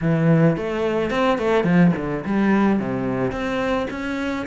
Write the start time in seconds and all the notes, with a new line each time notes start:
0.01 E3
0.57 A3
1.10 C4
1.38 A3
1.63 F3
1.96 D3
2.25 G3
2.79 C3
3.31 C4
3.90 C#4